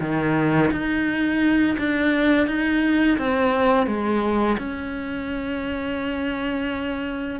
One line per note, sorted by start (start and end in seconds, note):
0.00 0.71 D#3
0.71 1.77 D#4
1.78 2.47 D4
2.47 3.18 D#4
3.18 3.86 C4
3.86 4.57 G#3
4.58 7.40 C#4